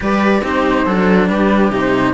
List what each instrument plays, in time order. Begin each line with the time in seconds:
0.00 cello G3 G4, viola B4, flute D5
0.42 cello C4 D#4, viola G4, flute C5
0.85 cello F#3 D4, viola A4
1.29 cello G3, viola G4, flute B4
1.70 cello C3 D#4
1.77 flute C5